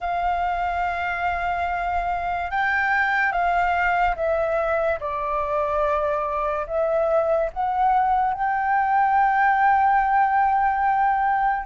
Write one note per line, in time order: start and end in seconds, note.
0.00 2.50 F5
2.50 3.31 G5
3.31 4.15 F5
4.16 4.99 E5
5.00 6.66 D5
6.66 7.50 E5
7.52 8.33 F#5
8.33 11.65 G5